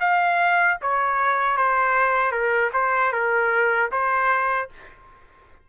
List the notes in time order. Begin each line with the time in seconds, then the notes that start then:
0.00 F5
0.81 C#5
1.57 C5
2.32 A#4
2.73 C5
3.12 A#4
3.91 C5